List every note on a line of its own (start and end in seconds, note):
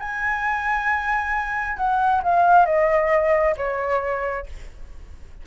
0.00 1.77 G#5
1.77 2.22 F#5
2.23 2.66 F5
2.66 3.56 D#5
3.57 4.47 C#5